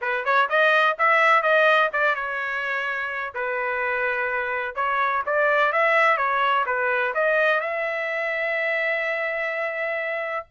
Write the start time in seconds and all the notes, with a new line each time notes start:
0.01 B4
0.24 C#5
0.49 D#5
0.98 E5
1.42 D#5
1.92 D5
2.15 C#5
3.34 B4
4.75 C#5
5.26 D5
5.72 E5
6.17 C#5
6.66 B4
7.14 D#5
7.60 E5